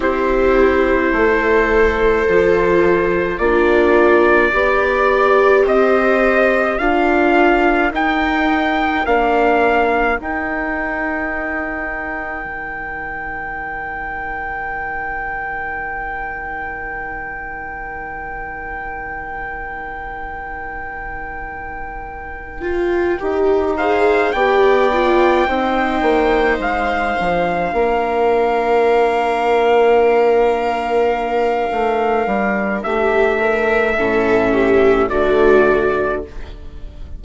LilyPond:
<<
  \new Staff \with { instrumentName = "trumpet" } { \time 4/4 \tempo 4 = 53 c''2. d''4~ | d''4 dis''4 f''4 g''4 | f''4 g''2.~ | g''1~ |
g''1~ | g''4 f''8 g''2 f''8~ | f''1~ | f''4 e''2 d''4 | }
  \new Staff \with { instrumentName = "viola" } { \time 4/4 g'4 a'2 f'4 | d''4 c''4 ais'2~ | ais'1~ | ais'1~ |
ais'1~ | ais'4 c''8 d''4 c''4.~ | c''8 ais'2.~ ais'8~ | ais'4 g'8 ais'8 a'8 g'8 fis'4 | }
  \new Staff \with { instrumentName = "viola" } { \time 4/4 e'2 f'4 d'4 | g'2 f'4 dis'4 | d'4 dis'2.~ | dis'1~ |
dis'1 | f'8 g'8 gis'8 g'8 f'8 dis'4. | d'1~ | d'2 cis'4 a4 | }
  \new Staff \with { instrumentName = "bassoon" } { \time 4/4 c'4 a4 f4 ais4 | b4 c'4 d'4 dis'4 | ais4 dis'2 dis4~ | dis1~ |
dis1~ | dis8 dis'4 b4 c'8 ais8 gis8 | f8 ais2.~ ais8 | a8 g8 a4 a,4 d4 | }
>>